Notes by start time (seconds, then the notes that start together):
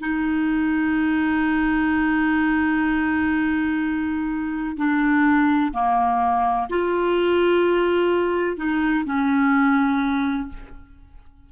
0.00 D#4
4.76 D4
5.72 A#3
6.69 F4
8.56 D#4
9.05 C#4